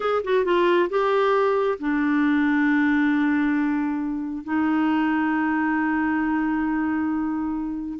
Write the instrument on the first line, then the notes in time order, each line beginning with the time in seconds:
clarinet
0.00 G#4
0.23 F#4
0.44 F4
0.89 G4
1.79 D4
4.43 D#4